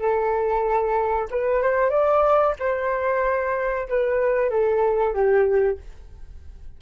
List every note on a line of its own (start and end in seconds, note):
0.00 1.29 A4
1.31 1.63 B4
1.63 1.90 C5
1.90 2.55 D5
2.60 3.89 C5
3.89 4.50 B4
4.50 5.14 A4
5.14 5.78 G4